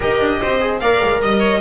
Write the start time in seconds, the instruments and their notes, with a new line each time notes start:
0.00 double bass D#4, trombone G4, viola A#4, violin D#5
0.19 double bass D4
0.41 double bass C4, viola C5
0.60 trombone G#4
0.79 double bass A#3, trombone A#4, viola D5, violin F5
1.03 double bass G#3
1.21 double bass G3, viola D#5, violin D#5
1.39 viola C#5